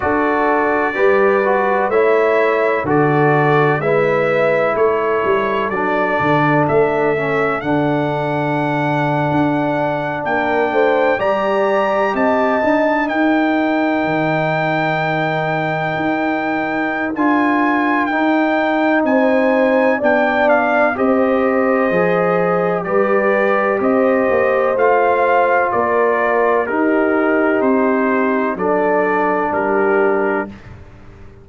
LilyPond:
<<
  \new Staff \with { instrumentName = "trumpet" } { \time 4/4 \tempo 4 = 63 d''2 e''4 d''4 | e''4 cis''4 d''4 e''4 | fis''2~ fis''8. g''4 ais''16~ | ais''8. a''4 g''2~ g''16~ |
g''2 gis''4 g''4 | gis''4 g''8 f''8 dis''2 | d''4 dis''4 f''4 d''4 | ais'4 c''4 d''4 ais'4 | }
  \new Staff \with { instrumentName = "horn" } { \time 4/4 a'4 b'4 cis''4 a'4 | b'4 a'2.~ | a'2~ a'8. ais'8 c''8 d''16~ | d''8. dis''4 ais'2~ ais'16~ |
ais'1 | c''4 d''4 c''2 | b'4 c''2 ais'4 | g'2 a'4 g'4 | }
  \new Staff \with { instrumentName = "trombone" } { \time 4/4 fis'4 g'8 fis'8 e'4 fis'4 | e'2 d'4. cis'8 | d'2.~ d'8. g'16~ | g'4~ g'16 dis'2~ dis'8.~ |
dis'2 f'4 dis'4~ | dis'4 d'4 g'4 gis'4 | g'2 f'2 | dis'2 d'2 | }
  \new Staff \with { instrumentName = "tuba" } { \time 4/4 d'4 g4 a4 d4 | gis4 a8 g8 fis8 d8 a4 | d4.~ d16 d'4 ais8 a8 g16~ | g8. c'8 d'8 dis'4 dis4~ dis16~ |
dis8. dis'4~ dis'16 d'4 dis'4 | c'4 b4 c'4 f4 | g4 c'8 ais8 a4 ais4 | dis'4 c'4 fis4 g4 | }
>>